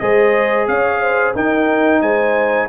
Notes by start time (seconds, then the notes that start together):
0.00 G#3 G#4 C5 D#5
0.68 C#4 C#5 F5
1.02 C5
1.34 D#4 A#4 G5
2.01 G#3 C5 G#5